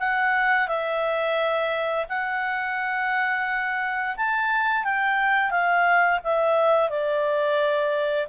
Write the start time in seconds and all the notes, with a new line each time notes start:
0.00 F#5
0.68 E5
2.09 F#5
4.17 A5
4.84 G5
5.51 F5
6.24 E5
6.90 D5